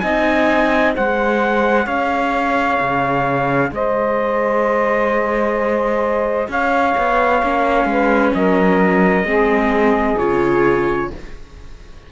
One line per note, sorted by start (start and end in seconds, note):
0.00 0.96 C4
0.00 0.96 D#4
0.00 0.95 D#5
0.00 0.92 G#5
0.96 1.87 G#3
0.96 7.42 G#4
0.96 1.85 C5
0.96 1.87 F#5
1.85 2.79 C#4
1.85 3.69 C#5
1.85 3.72 F5
2.81 3.72 C#3
3.72 6.48 G#3
3.72 6.49 C5
3.72 6.52 D#5
6.49 6.95 C#4
6.49 7.88 C#5
6.49 8.35 F5
6.98 7.43 B3
7.43 7.86 A#3
7.43 9.26 C#4
7.86 8.32 G#3
7.86 8.36 B4
8.35 9.24 F#3
8.35 9.27 A#4
8.35 10.19 D#5
9.24 10.16 G#3
9.24 10.18 C4
9.24 11.12 G#4
10.19 11.11 C#3
10.19 11.12 F4
10.19 11.11 C#5